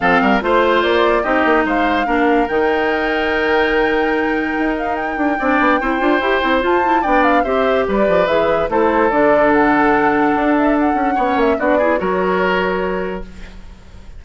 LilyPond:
<<
  \new Staff \with { instrumentName = "flute" } { \time 4/4 \tempo 4 = 145 f''4 c''4 d''4 dis''4 | f''2 g''2~ | g''2.~ g''8 f''8 | g''1 |
a''4 g''8 f''8 e''4 d''4 | e''4 c''4 d''4 fis''4~ | fis''4. e''8 fis''4. e''8 | d''4 cis''2. | }
  \new Staff \with { instrumentName = "oboe" } { \time 4/4 a'8 ais'8 c''2 g'4 | c''4 ais'2.~ | ais'1~ | ais'4 d''4 c''2~ |
c''4 d''4 c''4 b'4~ | b'4 a'2.~ | a'2. cis''4 | fis'8 gis'8 ais'2. | }
  \new Staff \with { instrumentName = "clarinet" } { \time 4/4 c'4 f'2 dis'4~ | dis'4 d'4 dis'2~ | dis'1~ | dis'4 d'4 e'8 f'8 g'8 e'8 |
f'8 e'8 d'4 g'2 | gis'4 e'4 d'2~ | d'2. cis'4 | d'8 e'8 fis'2. | }
  \new Staff \with { instrumentName = "bassoon" } { \time 4/4 f8 g8 a4 ais4 c'8 ais8 | gis4 ais4 dis2~ | dis2. dis'4~ | dis'8 d'8 c'8 b8 c'8 d'8 e'8 c'8 |
f'4 b4 c'4 g8 f8 | e4 a4 d2~ | d4 d'4. cis'8 b8 ais8 | b4 fis2. | }
>>